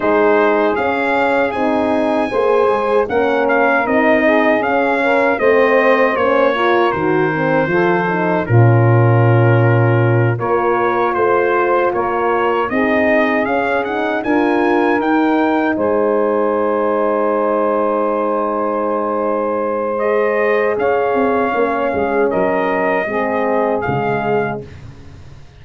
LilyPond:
<<
  \new Staff \with { instrumentName = "trumpet" } { \time 4/4 \tempo 4 = 78 c''4 f''4 gis''2 | fis''8 f''8 dis''4 f''4 dis''4 | cis''4 c''2 ais'4~ | ais'4. cis''4 c''4 cis''8~ |
cis''8 dis''4 f''8 fis''8 gis''4 g''8~ | g''8 gis''2.~ gis''8~ | gis''2 dis''4 f''4~ | f''4 dis''2 f''4 | }
  \new Staff \with { instrumentName = "saxophone" } { \time 4/4 gis'2. c''4 | ais'4. gis'4 ais'8 c''4~ | c''8 ais'4. a'4 f'4~ | f'4. ais'4 c''4 ais'8~ |
ais'8 gis'2 ais'4.~ | ais'8 c''2.~ c''8~ | c''2. cis''4~ | cis''8 gis'8 ais'4 gis'2 | }
  \new Staff \with { instrumentName = "horn" } { \time 4/4 dis'4 cis'4 dis'4 gis'4 | cis'4 dis'4 cis'4 c'4 | cis'8 f'8 fis'8 c'8 f'8 dis'8 cis'4~ | cis'4. f'2~ f'8~ |
f'8 dis'4 cis'8 dis'8 f'4 dis'8~ | dis'1~ | dis'2 gis'2 | cis'2 c'4 gis4 | }
  \new Staff \with { instrumentName = "tuba" } { \time 4/4 gis4 cis'4 c'4 ais8 gis8 | ais4 c'4 cis'4 a4 | ais4 dis4 f4 ais,4~ | ais,4. ais4 a4 ais8~ |
ais8 c'4 cis'4 d'4 dis'8~ | dis'8 gis2.~ gis8~ | gis2. cis'8 c'8 | ais8 gis8 fis4 gis4 cis4 | }
>>